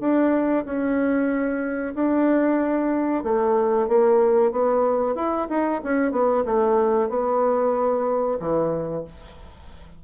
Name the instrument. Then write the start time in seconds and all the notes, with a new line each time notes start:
bassoon
0.00 D4
0.65 C#4
1.95 D4
3.23 A3
3.88 A#3
4.52 B3
5.15 E4
5.49 D#4
5.84 C#4
6.12 B3
6.45 A3
7.09 B3
8.40 E3